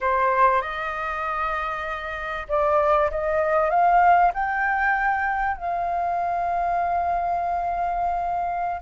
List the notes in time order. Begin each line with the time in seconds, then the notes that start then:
0.00 C5
0.61 D#5
2.48 D5
3.11 D#5
3.70 F5
4.34 G5
5.57 F5